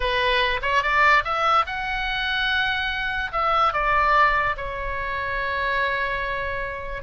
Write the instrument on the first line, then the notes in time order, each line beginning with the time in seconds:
oboe
0.00 B4
0.62 C#5
0.82 D5
1.24 E5
1.66 F#5
3.32 E5
3.73 D5
4.56 C#5